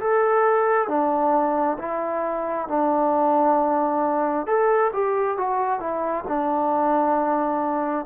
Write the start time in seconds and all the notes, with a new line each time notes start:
0.00 A4
0.88 D4
1.79 E4
2.68 D4
4.47 A4
4.93 G4
5.38 F#4
5.80 E4
6.27 D4